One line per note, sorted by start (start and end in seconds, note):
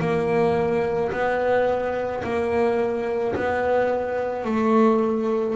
0.00 1.11 A#3
1.11 2.22 B3
2.23 3.34 A#3
3.35 4.44 B3
4.44 5.56 A3